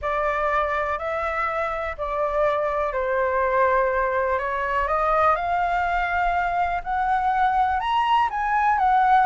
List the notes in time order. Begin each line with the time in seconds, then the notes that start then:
0.01 D5
0.98 E5
1.97 D5
2.92 C5
4.39 C#5
4.87 D#5
5.35 F5
6.83 F#5
7.80 A#5
8.30 G#5
8.78 F#5